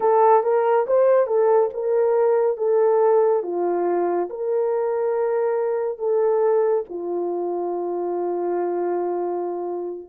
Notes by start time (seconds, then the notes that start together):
0.00 A4
0.43 A#4
0.86 C5
1.26 A4
1.73 A#4
2.57 A4
3.42 F4
4.29 A#4
5.98 A4
6.89 F4